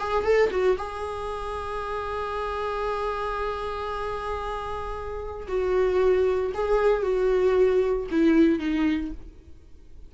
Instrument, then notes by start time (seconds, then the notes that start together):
viola
0.00 G#4
0.24 A4
0.51 F#4
0.78 G#4
5.48 F#4
6.55 G#4
7.03 F#4
8.11 E4
8.59 D#4